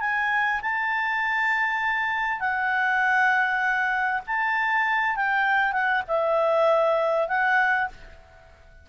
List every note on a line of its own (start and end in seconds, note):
0.00 0.61 G#5
0.62 2.40 A5
2.40 4.21 F#5
4.27 5.16 A5
5.16 5.72 G5
5.72 6.02 F#5
6.07 7.28 E5
7.28 7.88 F#5